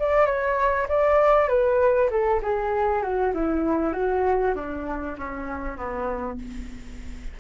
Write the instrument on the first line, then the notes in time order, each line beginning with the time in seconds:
flute
0.00 D5
0.26 C#5
0.89 D5
1.49 B4
2.11 A4
2.43 G#4
3.03 F#4
3.35 E4
3.93 F#4
4.55 D4
5.18 C#4
5.77 B3